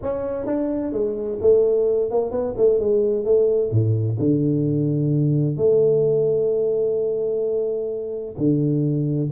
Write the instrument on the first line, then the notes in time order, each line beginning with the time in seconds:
tuba
0.02 C#4
0.46 D4
0.92 G#3
1.41 A3
2.10 A#3
2.31 B3
2.57 A3
2.79 G#3
3.24 A3
3.71 A2
4.19 D3
5.57 A3
8.37 D3